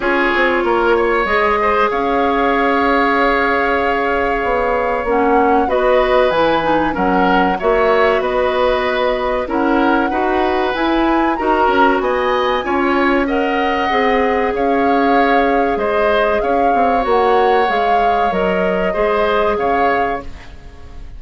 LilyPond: <<
  \new Staff \with { instrumentName = "flute" } { \time 4/4 \tempo 4 = 95 cis''2 dis''4 f''4~ | f''1 | fis''4 dis''4 gis''4 fis''4 | e''4 dis''2 fis''4~ |
fis''4 gis''4 ais''4 gis''4~ | gis''4 fis''2 f''4~ | f''4 dis''4 f''4 fis''4 | f''4 dis''2 f''4 | }
  \new Staff \with { instrumentName = "oboe" } { \time 4/4 gis'4 ais'8 cis''4 c''8 cis''4~ | cis''1~ | cis''4 b'2 ais'4 | cis''4 b'2 ais'4 |
b'2 ais'4 dis''4 | cis''4 dis''2 cis''4~ | cis''4 c''4 cis''2~ | cis''2 c''4 cis''4 | }
  \new Staff \with { instrumentName = "clarinet" } { \time 4/4 f'2 gis'2~ | gis'1 | cis'4 fis'4 e'8 dis'8 cis'4 | fis'2. e'4 |
fis'4 e'4 fis'2 | f'4 ais'4 gis'2~ | gis'2. fis'4 | gis'4 ais'4 gis'2 | }
  \new Staff \with { instrumentName = "bassoon" } { \time 4/4 cis'8 c'8 ais4 gis4 cis'4~ | cis'2. b4 | ais4 b4 e4 fis4 | ais4 b2 cis'4 |
dis'4 e'4 dis'8 cis'8 b4 | cis'2 c'4 cis'4~ | cis'4 gis4 cis'8 c'8 ais4 | gis4 fis4 gis4 cis4 | }
>>